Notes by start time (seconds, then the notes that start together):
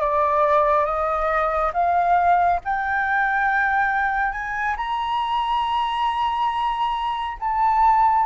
0.00 D5
0.85 D#5
1.73 F5
2.64 G5
4.32 G#5
4.76 A#5
7.40 A5